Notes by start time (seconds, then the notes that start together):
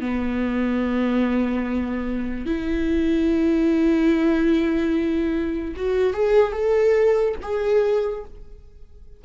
0.00 B3
2.46 E4
5.76 F#4
6.13 G#4
6.52 A4
7.42 G#4